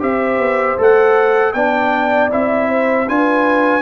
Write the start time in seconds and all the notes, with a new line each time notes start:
0.00 C4 G4 C5 E5
0.38 B3
0.77 A3 A4 F#5
1.53 B3 D4 D5 G5
2.30 C4 E4 E5
2.69 C5
3.08 D4 F4 B4 G#5